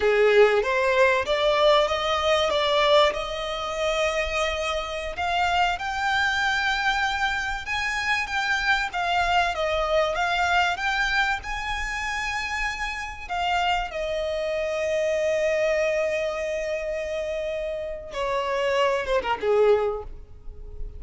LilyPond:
\new Staff \with { instrumentName = "violin" } { \time 4/4 \tempo 4 = 96 gis'4 c''4 d''4 dis''4 | d''4 dis''2.~ | dis''16 f''4 g''2~ g''8.~ | g''16 gis''4 g''4 f''4 dis''8.~ |
dis''16 f''4 g''4 gis''4.~ gis''16~ | gis''4~ gis''16 f''4 dis''4.~ dis''16~ | dis''1~ | dis''4 cis''4. c''16 ais'16 gis'4 | }